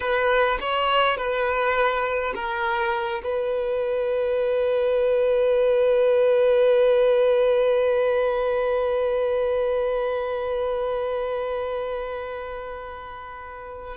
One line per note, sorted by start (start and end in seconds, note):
0.00 0.58 B4
0.60 1.17 C#5
1.17 2.33 B4
2.34 3.22 A#4
3.23 13.96 B4